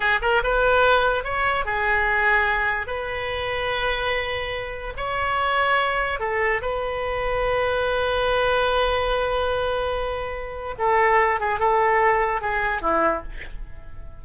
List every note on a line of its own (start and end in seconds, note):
0.00 0.19 G#4
0.21 0.42 A#4
0.43 1.24 B4
1.24 1.65 C#5
1.65 2.86 G#4
2.86 4.93 B4
4.97 6.19 C#5
6.19 6.61 A4
6.61 10.75 B4
10.78 11.40 A4
11.40 11.59 G#4
11.59 12.41 A4
12.41 12.81 G#4
12.81 13.22 E4